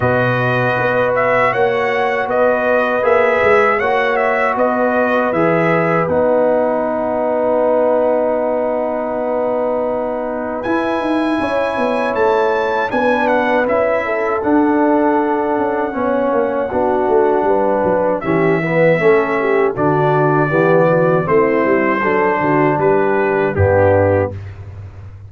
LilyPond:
<<
  \new Staff \with { instrumentName = "trumpet" } { \time 4/4 \tempo 4 = 79 dis''4. e''8 fis''4 dis''4 | e''4 fis''8 e''8 dis''4 e''4 | fis''1~ | fis''2 gis''2 |
a''4 gis''8 fis''8 e''4 fis''4~ | fis''1 | e''2 d''2 | c''2 b'4 g'4 | }
  \new Staff \with { instrumentName = "horn" } { \time 4/4 b'2 cis''4 b'4~ | b'4 cis''4 b'2~ | b'1~ | b'2. cis''4~ |
cis''4 b'4. a'4.~ | a'4 cis''4 fis'4 b'4 | g'8 b'8 a'8 g'8 fis'4 g'8 fis'8 | e'4 a'8 fis'8 g'4 d'4 | }
  \new Staff \with { instrumentName = "trombone" } { \time 4/4 fis'1 | gis'4 fis'2 gis'4 | dis'1~ | dis'2 e'2~ |
e'4 d'4 e'4 d'4~ | d'4 cis'4 d'2 | cis'8 b8 cis'4 d'4 b4 | c'4 d'2 b4 | }
  \new Staff \with { instrumentName = "tuba" } { \time 4/4 b,4 b4 ais4 b4 | ais8 gis8 ais4 b4 e4 | b1~ | b2 e'8 dis'8 cis'8 b8 |
a4 b4 cis'4 d'4~ | d'8 cis'8 b8 ais8 b8 a8 g8 fis8 | e4 a4 d4 e4 | a8 g8 fis8 d8 g4 g,4 | }
>>